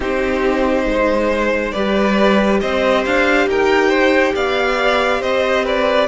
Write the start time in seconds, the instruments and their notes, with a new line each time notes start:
0.00 cello C4, viola D#4, violin G4 C5
0.86 cello G#3, violin C5
1.71 cello G3, viola G4, violin B4 D5
2.61 cello C4, violin C5 D#5
3.05 cello D4, violin F5
3.46 cello D#4, violin A#4 G5
3.89 violin C5
4.35 cello B3, violin D5 F5
5.20 cello C4, violin C5 D#5
5.64 violin B4 D5